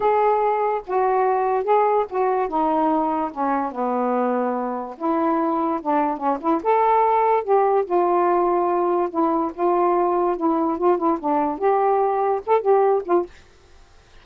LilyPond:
\new Staff \with { instrumentName = "saxophone" } { \time 4/4 \tempo 4 = 145 gis'2 fis'2 | gis'4 fis'4 dis'2 | cis'4 b2. | e'2 d'4 cis'8 e'8 |
a'2 g'4 f'4~ | f'2 e'4 f'4~ | f'4 e'4 f'8 e'8 d'4 | g'2 a'8 g'4 f'8 | }